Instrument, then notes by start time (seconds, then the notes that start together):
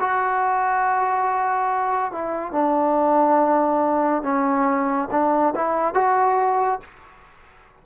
trombone
0.00 F#4
2.12 E4
2.52 D4
4.23 C#4
5.11 D4
5.56 E4
5.95 F#4